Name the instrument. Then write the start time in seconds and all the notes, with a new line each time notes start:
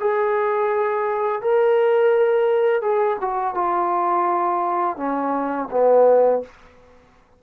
trombone
0.00 G#4
1.42 A#4
2.81 G#4
3.21 F#4
3.55 F4
4.97 C#4
5.71 B3